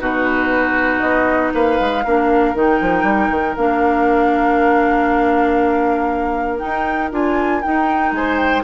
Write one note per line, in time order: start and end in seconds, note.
0.00 1.02 B2
0.00 2.03 D#4
0.00 1.54 F#4
0.00 1.00 B4
1.00 1.53 B3
1.00 1.51 D#5
1.54 1.80 A#3
1.54 2.05 B4
1.54 2.57 F5
1.81 2.06 G#3
2.05 2.55 A#3
2.05 2.55 D4
2.05 8.15 A#4
2.55 2.80 D#3
2.55 3.57 D#4
2.55 3.56 G5
2.81 3.03 F3
3.03 3.29 G3
3.30 3.56 D#3
3.56 6.63 A#3
3.56 6.59 D4
3.56 6.59 F5
6.59 7.10 D#4
6.59 7.12 D#4
6.59 7.10 G5
7.12 7.63 D4
7.12 7.62 F4
7.12 7.62 G#5
7.62 8.64 D#4
7.62 8.12 D#4
7.62 8.13 G5
8.12 8.63 G#3
8.12 8.64 C5
8.12 8.38 G#5
8.38 8.64 G5